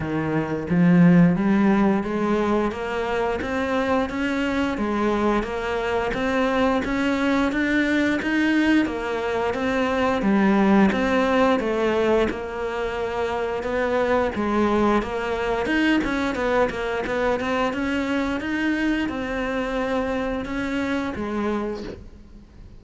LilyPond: \new Staff \with { instrumentName = "cello" } { \time 4/4 \tempo 4 = 88 dis4 f4 g4 gis4 | ais4 c'4 cis'4 gis4 | ais4 c'4 cis'4 d'4 | dis'4 ais4 c'4 g4 |
c'4 a4 ais2 | b4 gis4 ais4 dis'8 cis'8 | b8 ais8 b8 c'8 cis'4 dis'4 | c'2 cis'4 gis4 | }